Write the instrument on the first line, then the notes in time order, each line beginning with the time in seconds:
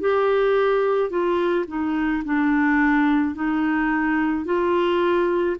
clarinet
0.00 G4
1.10 F4
1.67 D#4
2.24 D4
3.34 D#4
4.45 F4